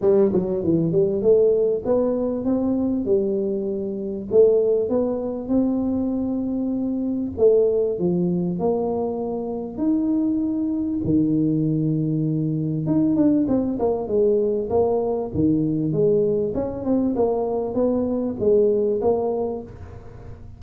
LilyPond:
\new Staff \with { instrumentName = "tuba" } { \time 4/4 \tempo 4 = 98 g8 fis8 e8 g8 a4 b4 | c'4 g2 a4 | b4 c'2. | a4 f4 ais2 |
dis'2 dis2~ | dis4 dis'8 d'8 c'8 ais8 gis4 | ais4 dis4 gis4 cis'8 c'8 | ais4 b4 gis4 ais4 | }